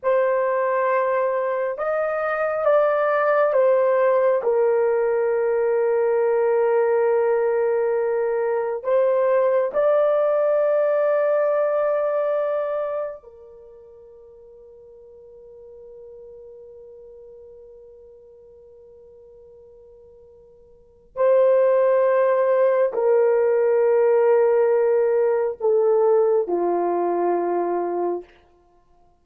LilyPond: \new Staff \with { instrumentName = "horn" } { \time 4/4 \tempo 4 = 68 c''2 dis''4 d''4 | c''4 ais'2.~ | ais'2 c''4 d''4~ | d''2. ais'4~ |
ais'1~ | ais'1 | c''2 ais'2~ | ais'4 a'4 f'2 | }